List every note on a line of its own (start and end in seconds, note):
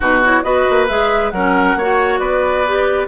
0.00 0.43 B2
0.00 0.23 D#4
0.00 0.42 F#4
0.00 0.24 B4
0.24 0.44 E4
0.24 0.43 C#5
0.43 0.65 B3
0.43 0.88 F#4
0.43 1.33 B4
0.43 0.87 D#5
0.69 0.89 A#3
0.87 1.32 G#3
0.87 1.33 G#4
0.87 1.30 E5
1.30 1.75 F#3
1.30 1.79 C#4
1.30 1.77 A#4
1.30 2.18 F#5
1.75 2.19 A#3
1.75 2.66 F#4
1.75 2.19 C#5
2.18 3.07 B3
2.18 3.07 B4
2.18 3.07 D5
2.66 3.07 G4